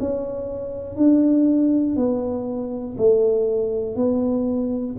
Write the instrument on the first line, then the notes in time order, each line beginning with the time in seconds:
tuba
0.00 C#4
0.96 D4
1.96 B3
2.98 A3
3.95 B3